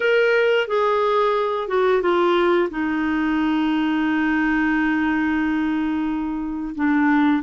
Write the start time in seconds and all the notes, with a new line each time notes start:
0.00 A#4
0.67 G#4
1.68 F#4
2.02 F4
2.70 D#4
6.75 D4